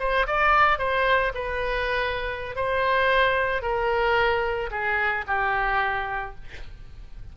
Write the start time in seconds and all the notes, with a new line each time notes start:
0.00 C5
0.27 D5
0.79 C5
1.35 B4
2.56 C5
3.62 A#4
4.71 G#4
5.28 G4